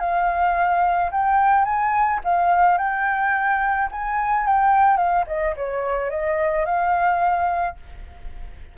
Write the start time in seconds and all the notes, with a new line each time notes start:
0.00 F5
1.12 G5
1.65 G#5
2.25 F5
2.78 G5
3.92 G#5
4.47 G5
4.97 F5
5.28 D#5
5.57 C#5
6.11 D#5
6.66 F5